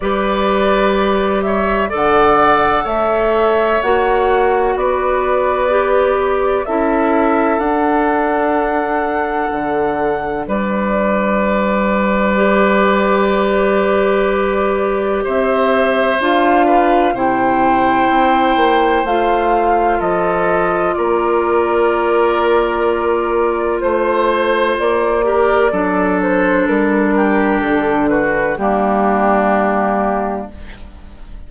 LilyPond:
<<
  \new Staff \with { instrumentName = "flute" } { \time 4/4 \tempo 4 = 63 d''4. e''8 fis''4 e''4 | fis''4 d''2 e''4 | fis''2. d''4~ | d''1 |
e''4 f''4 g''2 | f''4 dis''4 d''2~ | d''4 c''4 d''4. c''8 | ais'4 a'8 b'8 g'2 | }
  \new Staff \with { instrumentName = "oboe" } { \time 4/4 b'4. cis''8 d''4 cis''4~ | cis''4 b'2 a'4~ | a'2. b'4~ | b'1 |
c''4. b'8 c''2~ | c''4 a'4 ais'2~ | ais'4 c''4. ais'8 a'4~ | a'8 g'4 fis'8 d'2 | }
  \new Staff \with { instrumentName = "clarinet" } { \time 4/4 g'2 a'2 | fis'2 g'4 e'4 | d'1~ | d'4 g'2.~ |
g'4 f'4 e'2 | f'1~ | f'2~ f'8 g'8 d'4~ | d'2 ais2 | }
  \new Staff \with { instrumentName = "bassoon" } { \time 4/4 g2 d4 a4 | ais4 b2 cis'4 | d'2 d4 g4~ | g1 |
c'4 d'4 c4 c'8 ais8 | a4 f4 ais2~ | ais4 a4 ais4 fis4 | g4 d4 g2 | }
>>